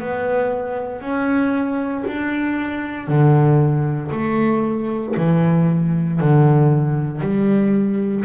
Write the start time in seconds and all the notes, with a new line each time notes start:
0.00 B3
1.01 C#4
2.07 D4
3.08 D3
4.11 A3
5.17 E3
6.20 D3
7.21 G3